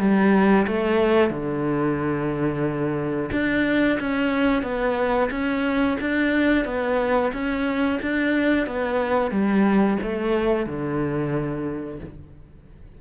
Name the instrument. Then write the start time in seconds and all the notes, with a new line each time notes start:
cello
0.00 G3
0.67 A3
1.31 D3
3.32 D4
4.00 C#4
4.63 B3
5.31 C#4
6.01 D4
6.65 B3
7.33 C#4
8.02 D4
8.67 B3
9.32 G3
10.03 A3
10.67 D3